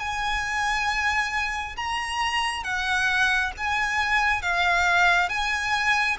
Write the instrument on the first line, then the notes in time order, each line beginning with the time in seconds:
violin
0.00 G#5
1.77 A#5
2.64 F#5
3.58 G#5
4.43 F5
5.29 G#5